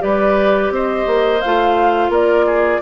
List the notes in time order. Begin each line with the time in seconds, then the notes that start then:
0.00 G3 G4 B4 D5
0.71 C4 C5 D#5
1.07 A#3
1.41 A3 F4 F5
2.09 A#3 A#4 D5
2.47 G#4